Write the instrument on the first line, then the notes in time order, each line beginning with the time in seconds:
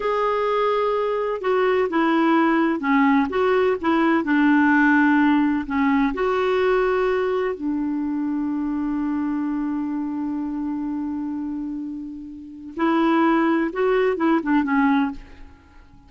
clarinet
0.00 G#4
1.41 F#4
1.89 E4
2.80 C#4
3.29 F#4
3.81 E4
4.23 D4
5.66 C#4
6.14 F#4
7.54 D4
12.76 E4
13.72 F#4
14.16 E4
14.42 D4
14.63 C#4